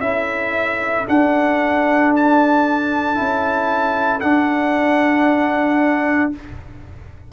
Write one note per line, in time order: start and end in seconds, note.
0.00 1.05 C#4
0.00 1.07 E4
0.00 6.33 A4
0.00 1.06 E5
1.07 3.15 D4
1.07 3.20 D4
1.07 2.14 F#5
2.16 4.21 A5
3.15 4.23 C#4
3.15 4.20 E4
4.21 6.33 D4
4.21 6.31 F#5